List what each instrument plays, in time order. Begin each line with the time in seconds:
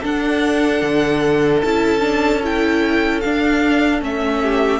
0.00 viola D4, cello D4, violin A4 F#5
0.82 cello D3
1.62 cello C#4, viola E4, violin A5
2.01 viola D4
2.43 viola E4, violin G5
3.21 viola D4, cello D4, violin F5
4.01 cello A3, viola C#4, violin E5
4.43 violin G4